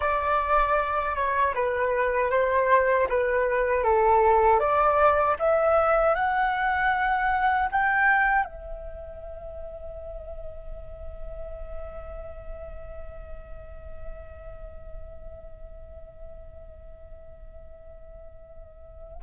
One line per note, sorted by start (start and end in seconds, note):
0.00 1.15 D5
1.15 1.53 C#5
1.55 2.30 B4
2.30 3.07 C5
3.09 3.83 B4
3.83 4.59 A4
4.59 5.36 D5
5.38 6.15 E5
6.15 7.69 F#5
7.71 8.44 G5
8.44 19.21 E5